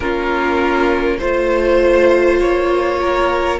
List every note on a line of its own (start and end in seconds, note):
0.00 1.20 A#3
0.00 1.20 C#4
0.00 1.18 F4
0.00 1.18 A#4
1.18 2.41 A3
1.18 3.59 F4
1.18 2.98 C5
1.18 2.39 C5
2.39 3.59 A#3
2.39 3.59 C#5
3.01 3.59 A#4